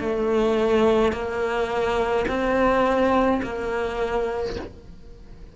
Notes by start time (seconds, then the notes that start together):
0.00 A3
1.13 A#3
2.28 C4
3.43 A#3